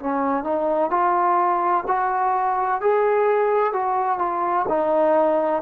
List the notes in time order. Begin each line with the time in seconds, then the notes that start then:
0.00 C#4
0.44 D#4
0.90 F4
1.87 F#4
2.81 G#4
3.73 F#4
4.19 F4
4.69 D#4